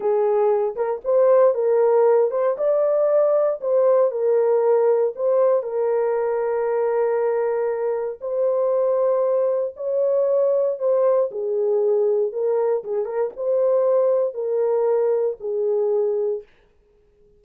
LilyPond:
\new Staff \with { instrumentName = "horn" } { \time 4/4 \tempo 4 = 117 gis'4. ais'8 c''4 ais'4~ | ais'8 c''8 d''2 c''4 | ais'2 c''4 ais'4~ | ais'1 |
c''2. cis''4~ | cis''4 c''4 gis'2 | ais'4 gis'8 ais'8 c''2 | ais'2 gis'2 | }